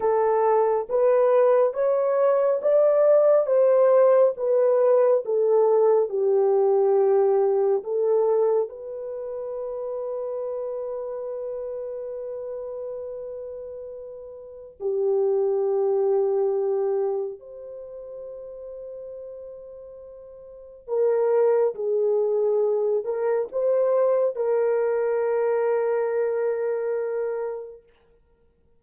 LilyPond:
\new Staff \with { instrumentName = "horn" } { \time 4/4 \tempo 4 = 69 a'4 b'4 cis''4 d''4 | c''4 b'4 a'4 g'4~ | g'4 a'4 b'2~ | b'1~ |
b'4 g'2. | c''1 | ais'4 gis'4. ais'8 c''4 | ais'1 | }